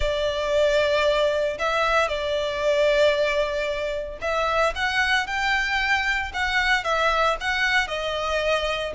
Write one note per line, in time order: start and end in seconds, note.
0.00 1.58 D5
1.58 2.08 E5
2.08 4.18 D5
4.21 4.73 E5
4.75 5.26 F#5
5.26 6.32 G5
6.33 6.83 F#5
6.83 7.36 E5
7.40 7.87 F#5
7.87 8.93 D#5